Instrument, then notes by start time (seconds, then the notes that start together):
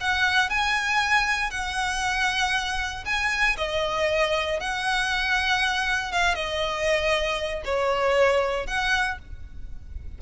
violin
0.00 F#5
0.49 G#5
1.50 F#5
3.05 G#5
3.57 D#5
4.60 F#5
6.12 F5
6.34 D#5
7.64 C#5
8.67 F#5